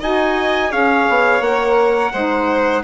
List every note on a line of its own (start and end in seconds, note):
0.00 0.72 D#4
0.00 0.70 F#4
0.00 0.71 D#5
0.00 0.72 G#5
0.70 1.08 C#4
0.70 1.41 G#4
0.70 2.12 C#5
0.70 1.42 F5
1.09 1.41 B3
1.41 2.11 A#3
1.41 2.14 A#4
1.41 2.83 F#5
2.12 2.84 G#3
2.12 2.84 D#4
2.12 2.83 C5